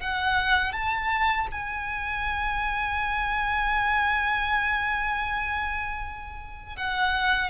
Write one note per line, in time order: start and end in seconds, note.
0.00 0.73 F#5
0.73 1.48 A5
1.52 6.77 G#5
6.77 7.50 F#5